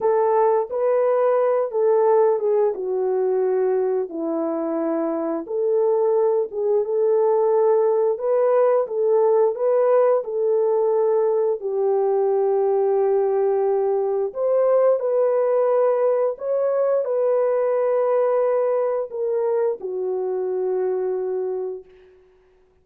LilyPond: \new Staff \with { instrumentName = "horn" } { \time 4/4 \tempo 4 = 88 a'4 b'4. a'4 gis'8 | fis'2 e'2 | a'4. gis'8 a'2 | b'4 a'4 b'4 a'4~ |
a'4 g'2.~ | g'4 c''4 b'2 | cis''4 b'2. | ais'4 fis'2. | }